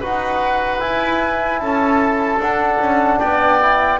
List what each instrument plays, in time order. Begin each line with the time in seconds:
0.00 double bass D#4, trombone F#4, oboe B4, flute F#5
0.80 trombone E4, double bass E4, flute G#5
1.59 double bass C#4, oboe A4, flute A5
2.39 double bass D4, trombone D4, flute F#5
2.79 double bass C#4
3.20 double bass B3, oboe D5, flute G5
3.61 trombone E4